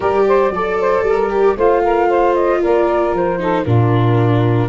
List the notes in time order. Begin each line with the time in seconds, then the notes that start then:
0.00 G3 G4 A#4 D5
0.27 C5
0.51 F#3 A4 D5
0.79 C5
1.02 G3 A#4
1.29 G4
1.56 A3 F4 C5 F5
1.83 A#4
2.08 C5
2.35 D#5
2.62 A#3 A#4 D5
3.12 F3 C5
3.39 D#4 A4
3.64 A#2 D4 F4 A#4